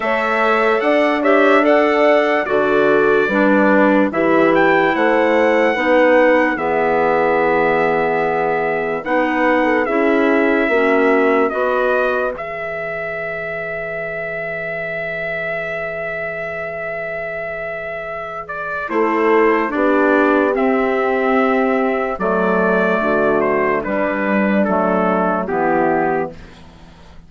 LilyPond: <<
  \new Staff \with { instrumentName = "trumpet" } { \time 4/4 \tempo 4 = 73 e''4 fis''8 e''8 fis''4 d''4~ | d''4 e''8 g''8 fis''2 | e''2. fis''4 | e''2 dis''4 e''4~ |
e''1~ | e''2~ e''8 d''8 c''4 | d''4 e''2 d''4~ | d''8 c''8 b'4 a'4 g'4 | }
  \new Staff \with { instrumentName = "horn" } { \time 4/4 cis''4 d''8 cis''8 d''4 a'4 | b'4 g'4 c''4 b'4 | gis'2. b'8. a'16 | gis'4 fis'4 b'2~ |
b'1~ | b'2. a'4 | g'2. a'4 | fis'4 d'2 e'4 | }
  \new Staff \with { instrumentName = "clarinet" } { \time 4/4 a'4. g'8 a'4 fis'4 | d'4 e'2 dis'4 | b2. dis'4 | e'4 cis'4 fis'4 gis'4~ |
gis'1~ | gis'2. e'4 | d'4 c'2 a4~ | a4 g4 a4 b4 | }
  \new Staff \with { instrumentName = "bassoon" } { \time 4/4 a4 d'2 d4 | g4 e4 a4 b4 | e2. b4 | cis'4 ais4 b4 e4~ |
e1~ | e2. a4 | b4 c'2 fis4 | d4 g4 fis4 e4 | }
>>